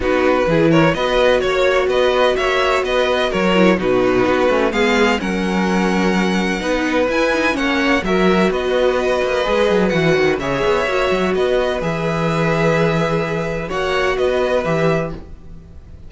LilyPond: <<
  \new Staff \with { instrumentName = "violin" } { \time 4/4 \tempo 4 = 127 b'4. cis''8 dis''4 cis''4 | dis''4 e''4 dis''4 cis''4 | b'2 f''4 fis''4~ | fis''2. gis''4 |
fis''4 e''4 dis''2~ | dis''4 fis''4 e''2 | dis''4 e''2.~ | e''4 fis''4 dis''4 e''4 | }
  \new Staff \with { instrumentName = "violin" } { \time 4/4 fis'4 gis'8 ais'8 b'4 cis''4 | b'4 cis''4 b'4 ais'4 | fis'2 gis'4 ais'4~ | ais'2 b'2 |
cis''4 ais'4 b'2~ | b'2 cis''2 | b'1~ | b'4 cis''4 b'2 | }
  \new Staff \with { instrumentName = "viola" } { \time 4/4 dis'4 e'4 fis'2~ | fis'2.~ fis'8 e'8 | dis'4. cis'8 b4 cis'4~ | cis'2 dis'4 e'8 dis'8 |
cis'4 fis'2. | gis'4 fis'4 gis'4 fis'4~ | fis'4 gis'2.~ | gis'4 fis'2 g'4 | }
  \new Staff \with { instrumentName = "cello" } { \time 4/4 b4 e4 b4 ais4 | b4 ais4 b4 fis4 | b,4 b8 a8 gis4 fis4~ | fis2 b4 e'4 |
ais4 fis4 b4. ais8 | gis8 fis8 e8 dis8 cis8 b8 ais8 fis8 | b4 e2.~ | e4 ais4 b4 e4 | }
>>